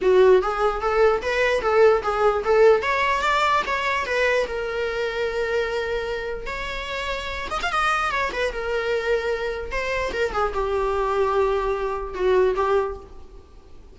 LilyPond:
\new Staff \with { instrumentName = "viola" } { \time 4/4 \tempo 4 = 148 fis'4 gis'4 a'4 b'4 | a'4 gis'4 a'4 cis''4 | d''4 cis''4 b'4 ais'4~ | ais'1 |
cis''2~ cis''8 dis''16 f''16 dis''4 | cis''8 b'8 ais'2. | c''4 ais'8 gis'8 g'2~ | g'2 fis'4 g'4 | }